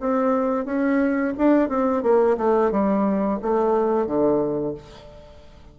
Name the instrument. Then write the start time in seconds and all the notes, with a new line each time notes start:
bassoon
0.00 C4
0.65 C#4
1.37 D4
1.69 C4
2.02 A#3
2.37 A3
2.71 G3
3.42 A3
4.06 D3